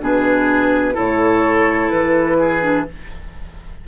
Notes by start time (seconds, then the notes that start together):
0.00 B2 D4 G#4 B4
0.93 A2 E4 A4 C#5
1.90 E3 B4
2.39 G#4
2.62 D4